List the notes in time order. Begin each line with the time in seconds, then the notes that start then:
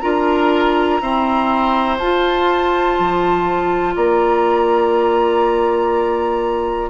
0.00 D4 F4 A#4 A#5
1.01 C4 E4 C5
1.98 F4 A5
2.99 F3
3.95 A#3 D5 A#5